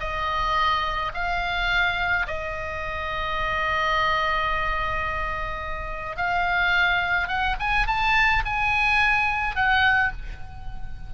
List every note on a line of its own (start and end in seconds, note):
0.00 1.12 D#5
1.14 2.26 F5
2.27 6.17 D#5
6.17 7.28 F5
7.28 7.56 F#5
7.60 7.87 G#5
7.87 8.43 A5
8.45 9.56 G#5
9.56 10.12 F#5